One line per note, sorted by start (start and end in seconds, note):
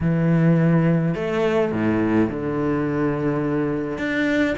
0.01 1.14 E3
1.14 1.71 A3
1.72 2.29 A2
2.29 3.98 D3
3.98 4.55 D4